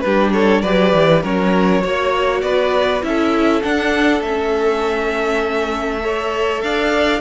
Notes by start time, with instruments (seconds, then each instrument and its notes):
0.00 cello G3, viola D4, violin G4 B4
0.33 violin A4 C#5
0.62 cello F#3, viola G4, violin B4 D5
0.93 cello E3
1.23 cello F#3, viola C#4, violin A#4 C#5
1.82 cello A#3, viola F#4, violin C#5
2.42 cello B3, violin B4 D5
3.02 cello C#4, viola E4, violin E5
3.08 violin A4
3.63 viola D4, cello D4, violin F#5
4.22 cello A3, viola C#4, violin E5
6.00 viola A4, violin C#5
6.61 cello D4, violin D5 F5